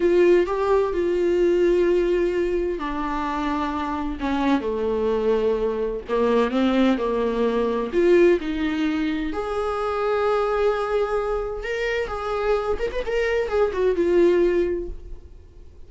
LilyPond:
\new Staff \with { instrumentName = "viola" } { \time 4/4 \tempo 4 = 129 f'4 g'4 f'2~ | f'2 d'2~ | d'4 cis'4 a2~ | a4 ais4 c'4 ais4~ |
ais4 f'4 dis'2 | gis'1~ | gis'4 ais'4 gis'4. ais'16 b'16 | ais'4 gis'8 fis'8 f'2 | }